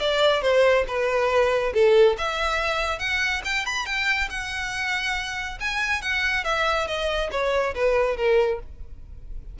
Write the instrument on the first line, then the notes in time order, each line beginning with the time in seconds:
violin
0.00 D5
0.42 C5
0.87 B4
1.74 A4
2.18 E5
2.99 F#5
3.45 G5
3.66 B5
3.86 G5
4.30 F#5
5.60 G#5
6.02 F#5
6.44 E5
6.87 D#5
7.31 C#5
7.75 B4
8.17 A#4